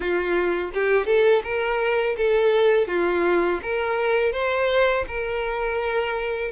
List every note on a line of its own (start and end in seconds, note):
0.00 0.71 F4
0.74 1.06 G4
1.06 1.42 A4
1.43 2.16 A#4
2.17 2.87 A4
2.87 3.59 F4
3.62 4.32 A#4
4.32 5.04 C5
5.07 6.51 A#4